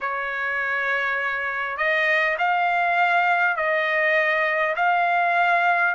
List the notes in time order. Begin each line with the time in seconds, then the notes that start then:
0.00 C#5
1.77 D#5
2.38 F5
3.56 D#5
4.76 F5